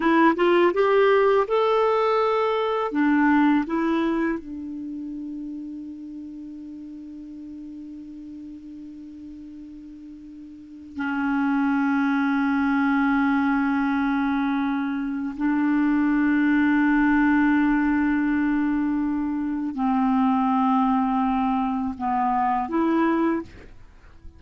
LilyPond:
\new Staff \with { instrumentName = "clarinet" } { \time 4/4 \tempo 4 = 82 e'8 f'8 g'4 a'2 | d'4 e'4 d'2~ | d'1~ | d'2. cis'4~ |
cis'1~ | cis'4 d'2.~ | d'2. c'4~ | c'2 b4 e'4 | }